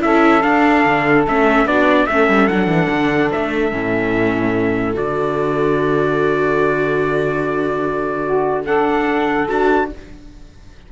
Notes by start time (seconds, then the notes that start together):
0.00 C#4 E4 A4 E5
0.43 D4 F5
0.85 D3
1.28 A3 C#4 E5
1.65 B3 D4 F#4 D5
2.07 A3 C#4 A4 E5
2.29 G3
2.48 F#3 D4 F#5
2.67 E3
2.90 D3
3.32 A3 E5
3.72 A2 C#4
4.93 D3 F#4 D5
8.25 F#4
8.66 D4 A4 F#5
9.49 D4 F#4 A5